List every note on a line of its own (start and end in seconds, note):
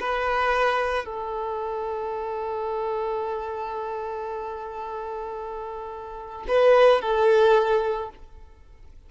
0.00 1.05 B4
1.05 6.46 A4
6.48 7.01 B4
7.01 8.09 A4